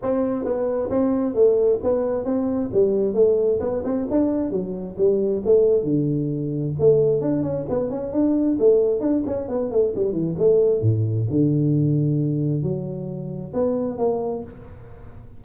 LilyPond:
\new Staff \with { instrumentName = "tuba" } { \time 4/4 \tempo 4 = 133 c'4 b4 c'4 a4 | b4 c'4 g4 a4 | b8 c'8 d'4 fis4 g4 | a4 d2 a4 |
d'8 cis'8 b8 cis'8 d'4 a4 | d'8 cis'8 b8 a8 g8 e8 a4 | a,4 d2. | fis2 b4 ais4 | }